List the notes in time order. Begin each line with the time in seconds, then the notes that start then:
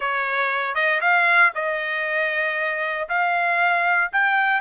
0.00 C#5
0.74 D#5
1.00 F5
1.54 D#5
3.08 F5
4.12 G5